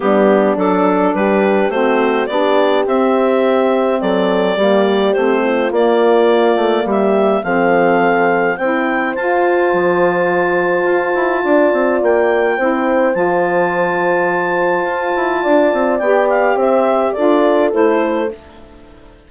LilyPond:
<<
  \new Staff \with { instrumentName = "clarinet" } { \time 4/4 \tempo 4 = 105 g'4 a'4 b'4 c''4 | d''4 e''2 d''4~ | d''4 c''4 d''2 | e''4 f''2 g''4 |
a''1~ | a''4 g''2 a''4~ | a''1 | g''8 f''8 e''4 d''4 c''4 | }
  \new Staff \with { instrumentName = "horn" } { \time 4/4 d'2 g'4 fis'4 | g'2. a'4 | g'4. f'2~ f'8 | g'4 a'2 c''4~ |
c''1 | d''2 c''2~ | c''2. d''4~ | d''4 c''4 a'2 | }
  \new Staff \with { instrumentName = "saxophone" } { \time 4/4 b4 d'2 c'4 | d'4 c'2. | ais4 c'4 ais2~ | ais4 c'2 e'4 |
f'1~ | f'2 e'4 f'4~ | f'1 | g'2 f'4 e'4 | }
  \new Staff \with { instrumentName = "bassoon" } { \time 4/4 g4 fis4 g4 a4 | b4 c'2 fis4 | g4 a4 ais4. a8 | g4 f2 c'4 |
f'4 f2 f'8 e'8 | d'8 c'8 ais4 c'4 f4~ | f2 f'8 e'8 d'8 c'8 | b4 c'4 d'4 a4 | }
>>